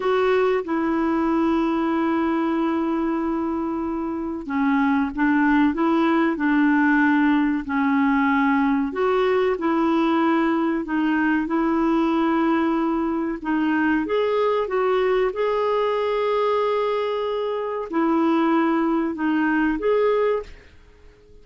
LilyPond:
\new Staff \with { instrumentName = "clarinet" } { \time 4/4 \tempo 4 = 94 fis'4 e'2.~ | e'2. cis'4 | d'4 e'4 d'2 | cis'2 fis'4 e'4~ |
e'4 dis'4 e'2~ | e'4 dis'4 gis'4 fis'4 | gis'1 | e'2 dis'4 gis'4 | }